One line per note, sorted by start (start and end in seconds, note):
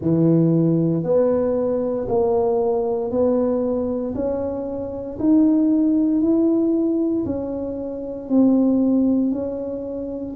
0.01 1.03 E3
1.03 2.07 B3
2.08 3.10 A#3
3.10 4.14 B3
4.14 5.18 C#4
5.19 6.21 D#4
6.21 7.24 E4
7.25 8.28 C#4
8.28 9.31 C4
9.31 10.34 C#4